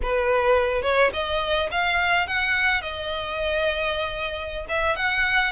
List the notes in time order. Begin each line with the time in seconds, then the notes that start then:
0.02 B4
0.82 C#5
1.13 D#5
1.71 F5
2.27 F#5
2.81 D#5
4.68 E5
4.96 F#5